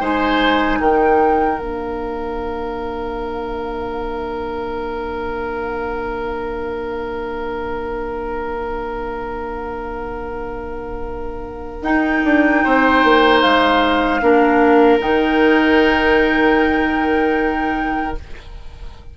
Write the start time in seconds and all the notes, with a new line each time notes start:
0.00 G#3 D#4 C5 G#5
0.81 D#3 A#4 G5
1.58 A#3 D4 F5
11.82 D#4 G5
12.25 D4
12.63 C4 C5
13.04 A#3
13.41 G#3 F5
14.21 A#3 D4 A#4
15.00 D#3 D#4 G5